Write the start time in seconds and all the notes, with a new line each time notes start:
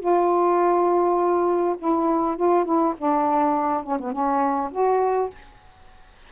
0.00 F4
1.79 E4
2.37 F4
2.65 E4
2.98 D4
3.84 C#4
4.00 B3
4.13 C#4
4.72 F#4